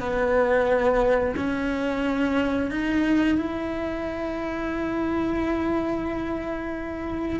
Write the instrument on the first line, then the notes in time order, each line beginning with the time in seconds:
cello
0.00 B3
1.36 C#4
2.71 D#4
3.38 E4